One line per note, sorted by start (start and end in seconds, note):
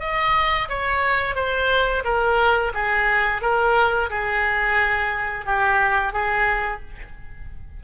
0.00 0.68 D#5
0.69 1.35 C#5
1.35 2.03 C5
2.04 2.72 A#4
2.74 3.42 G#4
3.42 4.10 A#4
4.10 5.45 G#4
5.45 6.13 G4
6.13 6.81 G#4